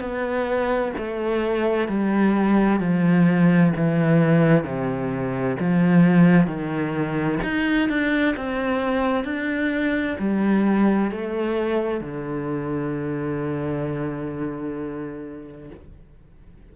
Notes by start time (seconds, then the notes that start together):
0.00 B3
0.97 A3
1.88 G3
2.80 F3
3.76 E3
4.64 C3
5.60 F3
6.47 D#3
7.43 D#4
7.89 D4
8.36 C4
9.24 D4
10.19 G3
11.11 A3
12.00 D3